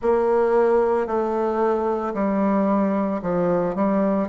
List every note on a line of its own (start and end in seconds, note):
0.02 1.06 A#3
1.06 2.13 A3
2.14 3.21 G3
3.21 3.75 F3
3.75 4.28 G3